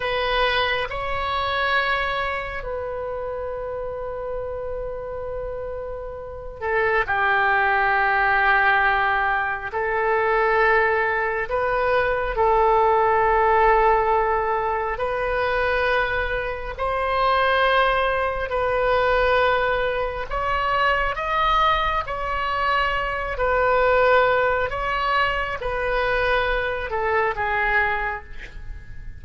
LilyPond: \new Staff \with { instrumentName = "oboe" } { \time 4/4 \tempo 4 = 68 b'4 cis''2 b'4~ | b'2.~ b'8 a'8 | g'2. a'4~ | a'4 b'4 a'2~ |
a'4 b'2 c''4~ | c''4 b'2 cis''4 | dis''4 cis''4. b'4. | cis''4 b'4. a'8 gis'4 | }